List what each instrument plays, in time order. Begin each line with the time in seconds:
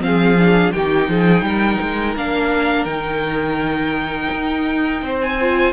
0.00 cello F3, viola C4, violin F5
0.06 violin G#4
0.39 viola D4
0.72 cello D#3, viola D#4, violin G4 G5
1.08 cello F3, violin G#4
1.42 cello G3, violin A#4
1.81 cello G#3
2.16 cello A#3, viola D4, violin F5
2.85 cello D#3, viola D#4, violin G5
4.32 cello D#4
5.02 cello C4, violin C5
5.21 violin G#5
5.41 viola F4